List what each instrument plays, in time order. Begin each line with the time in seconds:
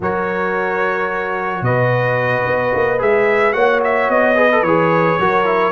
0.00 tuba F#3, trombone F#4, horn A#4, trumpet C#5
1.61 tuba B2, horn B4, trumpet D#5
2.46 tuba B3
2.74 tuba A#3
2.98 tuba G#3, trombone G#4, trumpet E5
3.52 tuba A#3, trombone F#4, horn C#5, trumpet F#5
3.83 trumpet E5
4.08 tuba B3, trumpet D#5
4.35 trombone G#4, horn B4
4.51 trombone A4
4.62 tuba E3, trombone G#4, trumpet C#5
5.19 tuba F#3, trombone F#4, horn A#4
5.45 trombone E4